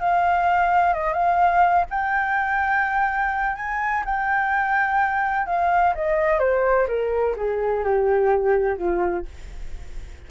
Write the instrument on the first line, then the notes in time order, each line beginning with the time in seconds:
flute
0.00 F5
0.94 D#5
1.13 F5
1.90 G5
3.56 G#5
4.05 G5
5.47 F5
5.95 D#5
6.39 C5
6.87 A#4
7.36 G#4
7.84 G4
8.77 F4